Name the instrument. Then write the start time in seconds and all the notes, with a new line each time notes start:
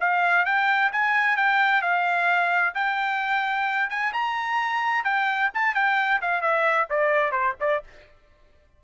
trumpet
0.00 F5
0.45 G5
0.92 G#5
1.37 G5
1.82 F5
2.75 G5
3.90 G#5
4.13 A#5
5.04 G5
5.54 A5
5.75 G5
6.22 F5
6.41 E5
6.90 D5
7.32 C5
7.60 D5